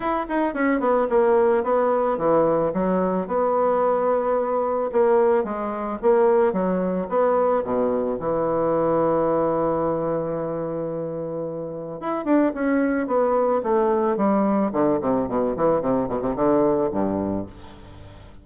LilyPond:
\new Staff \with { instrumentName = "bassoon" } { \time 4/4 \tempo 4 = 110 e'8 dis'8 cis'8 b8 ais4 b4 | e4 fis4 b2~ | b4 ais4 gis4 ais4 | fis4 b4 b,4 e4~ |
e1~ | e2 e'8 d'8 cis'4 | b4 a4 g4 d8 c8 | b,8 e8 c8 b,16 c16 d4 g,4 | }